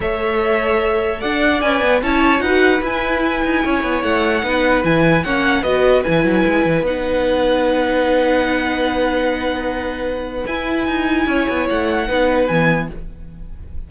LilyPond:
<<
  \new Staff \with { instrumentName = "violin" } { \time 4/4 \tempo 4 = 149 e''2. fis''4 | gis''4 a''4 fis''4 gis''4~ | gis''2 fis''2 | gis''4 fis''4 dis''4 gis''4~ |
gis''4 fis''2.~ | fis''1~ | fis''2 gis''2~ | gis''4 fis''2 gis''4 | }
  \new Staff \with { instrumentName = "violin" } { \time 4/4 cis''2. d''4~ | d''4 cis''4 b'2~ | b'4 cis''2 b'4~ | b'4 cis''4 b'2~ |
b'1~ | b'1~ | b'1 | cis''2 b'2 | }
  \new Staff \with { instrumentName = "viola" } { \time 4/4 a'1 | b'4 e'4 fis'4 e'4~ | e'2. dis'4 | e'4 cis'4 fis'4 e'4~ |
e'4 dis'2.~ | dis'1~ | dis'2 e'2~ | e'2 dis'4 b4 | }
  \new Staff \with { instrumentName = "cello" } { \time 4/4 a2. d'4 | cis'8 b8 cis'4 dis'4 e'4~ | e'8 dis'8 cis'8 b8 a4 b4 | e4 ais4 b4 e8 fis8 |
gis8 e8 b2.~ | b1~ | b2 e'4 dis'4 | cis'8 b8 a4 b4 e4 | }
>>